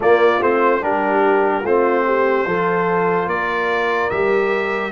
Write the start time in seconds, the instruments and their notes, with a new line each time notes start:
0.00 trombone A#3, tuba A#3, horn F4, trumpet D5
0.40 tuba A3, trombone C4, trumpet C5
0.80 tuba G3, trombone D4, horn G4, trumpet A#4
1.62 tuba A3, trombone C4, horn F4, trumpet C5
2.06 horn G4
2.45 tuba F3, trombone F4, horn A4
3.27 tuba A#3, horn A#4, trumpet D5
4.09 tuba G3, trombone G4, trumpet E5